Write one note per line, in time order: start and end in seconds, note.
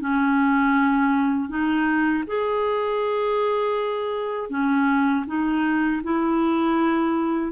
0.00 1.49 C#4
1.49 2.24 D#4
2.26 4.50 G#4
4.50 5.25 C#4
5.26 6.01 D#4
6.03 7.52 E4